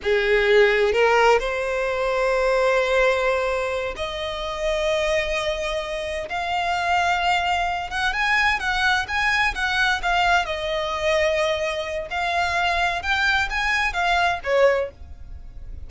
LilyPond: \new Staff \with { instrumentName = "violin" } { \time 4/4 \tempo 4 = 129 gis'2 ais'4 c''4~ | c''1~ | c''8 dis''2.~ dis''8~ | dis''4. f''2~ f''8~ |
f''4 fis''8 gis''4 fis''4 gis''8~ | gis''8 fis''4 f''4 dis''4.~ | dis''2 f''2 | g''4 gis''4 f''4 cis''4 | }